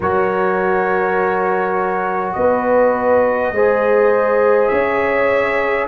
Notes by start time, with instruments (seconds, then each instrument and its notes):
0.00 tuba F#3, trombone F#4, horn A#4, trumpet C#5
2.32 tuba B3, horn B4, trumpet D#5
3.51 tuba G#3, trombone G#4, horn C5
4.68 tuba C#4, horn C#5, trumpet E5